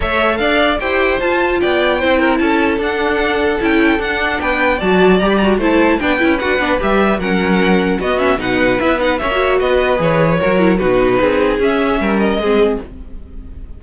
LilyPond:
<<
  \new Staff \with { instrumentName = "violin" } { \time 4/4 \tempo 4 = 150 e''4 f''4 g''4 a''4 | g''2 a''4 fis''4~ | fis''4 g''4 fis''4 g''4 | a''4 ais''16 b''16 ais''8 a''4 g''4 |
fis''4 e''4 fis''2 | dis''8 e''8 fis''4 e''8 fis''8 e''4 | dis''4 cis''2 b'4~ | b'4 e''4. dis''4. | }
  \new Staff \with { instrumentName = "violin" } { \time 4/4 cis''4 d''4 c''2 | d''4 c''8 ais'8 a'2~ | a'2. b'4 | d''2 c''4 b'4~ |
b'2 ais'2 | fis'4 b'2 cis''4 | b'2 ais'4 fis'4 | gis'2 ais'4 gis'4 | }
  \new Staff \with { instrumentName = "viola" } { \time 4/4 a'2 g'4 f'4~ | f'4 e'2 d'4~ | d'4 e'4 d'2 | fis'4 g'8 fis'8 e'4 d'8 e'8 |
fis'8 d'8 g'4 cis'2 | b8 cis'8 dis'4 e'8 dis'8 cis'16 fis'8.~ | fis'4 gis'4 fis'8 e'8 dis'4~ | dis'4 cis'2 c'4 | }
  \new Staff \with { instrumentName = "cello" } { \time 4/4 a4 d'4 e'4 f'4 | b4 c'4 cis'4 d'4~ | d'4 cis'4 d'4 b4 | fis4 g4 a4 b8 cis'8 |
d'8 b8 g4 fis2 | b4 b,4 b4 ais4 | b4 e4 fis4 b,4 | c'4 cis'4 g4 gis4 | }
>>